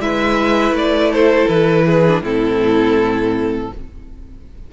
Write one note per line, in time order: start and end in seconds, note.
0.00 0.71 G#3
0.00 2.05 E4
0.00 1.11 B4
0.00 0.75 E5
0.71 1.46 A3
0.71 1.13 D5
1.11 1.85 A4
1.11 1.48 C5
1.48 2.21 E3
1.48 2.22 B4
1.86 2.23 G#4
2.09 2.23 D4
2.21 3.69 A2
2.21 3.72 C4
2.21 3.72 E4
2.21 3.73 A4